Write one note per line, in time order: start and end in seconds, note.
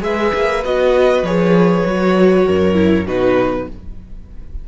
0.00 0.32 G#3
0.00 0.61 G#4
0.00 2.46 B4
0.00 0.64 E5
0.34 0.65 A#3
0.64 1.23 B3
0.64 1.25 F#4
0.64 1.25 D#5
1.23 1.83 F3
1.23 1.86 G#4
1.23 3.07 C#5
1.85 2.46 F#3
1.85 2.74 F#4
2.46 3.07 F#2
2.46 3.06 A#4
2.74 3.04 E4
3.06 3.67 B2
3.06 3.68 D#4
3.06 3.66 F#4
3.06 3.68 B4